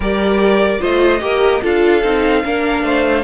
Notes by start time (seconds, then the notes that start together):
0.00 G3 G4 A#4 D5
0.78 A3 F4 C5 D#5
1.20 A#3 G4 A#4
1.62 D4 F4 A4 F5
2.03 C4 D#4
2.43 A#3 D4 A#4
2.82 A3 C5